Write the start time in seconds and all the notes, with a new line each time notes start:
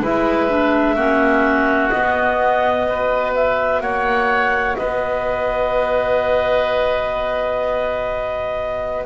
0.00 G#3 E4 B4 E5
0.49 D4
0.95 A#3 C#4 F#4
1.89 B3 D#5
2.87 F#4 B4
3.35 E5
3.81 A#3 C#5 F#5
4.75 B3 B4 D#5